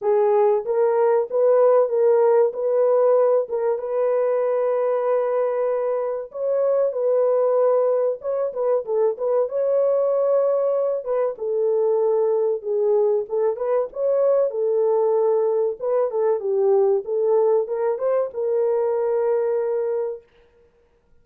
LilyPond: \new Staff \with { instrumentName = "horn" } { \time 4/4 \tempo 4 = 95 gis'4 ais'4 b'4 ais'4 | b'4. ais'8 b'2~ | b'2 cis''4 b'4~ | b'4 cis''8 b'8 a'8 b'8 cis''4~ |
cis''4. b'8 a'2 | gis'4 a'8 b'8 cis''4 a'4~ | a'4 b'8 a'8 g'4 a'4 | ais'8 c''8 ais'2. | }